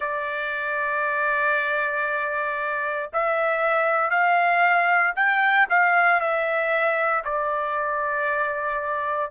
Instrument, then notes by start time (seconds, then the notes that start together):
trumpet
0.00 D5
3.13 E5
4.10 F5
5.15 G5
5.69 F5
6.20 E5
7.24 D5